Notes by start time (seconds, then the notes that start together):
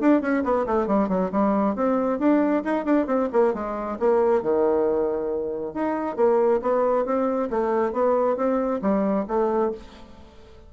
0.00 D4
0.21 C#4
0.43 B3
0.66 A3
0.87 G3
1.08 F#3
1.32 G3
1.75 C4
2.19 D4
2.64 D#4
2.85 D4
3.06 C4
3.32 A#3
3.54 G#3
3.99 A#3
4.42 D#3
5.74 D#4
6.16 A#3
6.61 B3
7.05 C4
7.50 A3
7.92 B3
8.36 C4
8.81 G3
9.27 A3